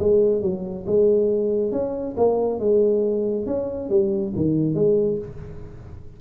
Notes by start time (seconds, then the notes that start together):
0.00 G#3
0.42 F#3
0.87 G#3
1.72 C#4
2.17 A#3
2.60 G#3
3.47 C#4
3.90 G3
4.36 D#3
4.75 G#3